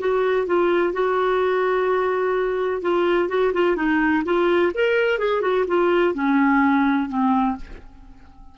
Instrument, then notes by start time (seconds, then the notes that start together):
clarinet
0.00 F#4
0.47 F4
0.93 F#4
2.82 F4
3.29 F#4
3.54 F4
3.77 D#4
4.25 F4
4.75 A#4
5.19 G#4
5.42 F#4
5.68 F4
6.15 C#4
7.10 C4